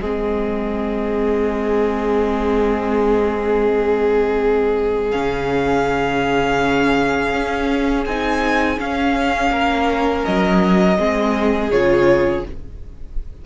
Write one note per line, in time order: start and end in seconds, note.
0.00 5.12 G#3
0.00 5.12 C4
0.00 9.51 G#4
0.00 5.11 D#5
5.11 7.33 C#3
5.11 8.05 C#4
5.11 8.04 F5
7.33 8.06 C#4
8.06 8.79 C4
8.06 8.77 D#4
8.06 8.79 G#5
8.77 10.97 C#4
8.77 9.50 C#4
8.77 10.25 F5
9.50 10.23 A#3
9.50 10.98 A#4
10.25 10.98 F#3
10.25 11.71 D#5
10.97 11.71 G#3
10.97 11.70 C4
10.97 12.45 G#4
11.71 12.45 C#3
11.71 12.46 F4
11.71 12.44 C#5